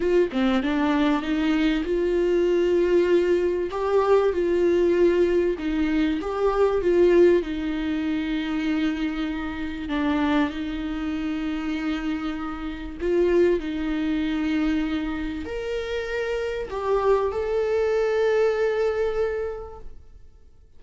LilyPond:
\new Staff \with { instrumentName = "viola" } { \time 4/4 \tempo 4 = 97 f'8 c'8 d'4 dis'4 f'4~ | f'2 g'4 f'4~ | f'4 dis'4 g'4 f'4 | dis'1 |
d'4 dis'2.~ | dis'4 f'4 dis'2~ | dis'4 ais'2 g'4 | a'1 | }